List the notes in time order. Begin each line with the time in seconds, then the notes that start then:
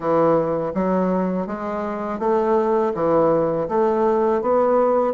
0.00 E3
0.74 F#3
1.46 G#3
2.19 A3
2.95 E3
3.68 A3
4.41 B3